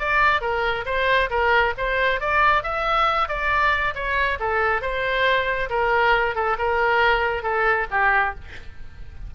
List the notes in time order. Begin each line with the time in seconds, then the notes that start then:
0.00 D5
0.42 A#4
0.86 C5
1.30 A#4
1.78 C5
2.21 D5
2.64 E5
3.29 D5
3.95 C#5
4.40 A4
4.82 C5
5.70 A#4
6.35 A4
6.59 A#4
7.43 A4
7.92 G4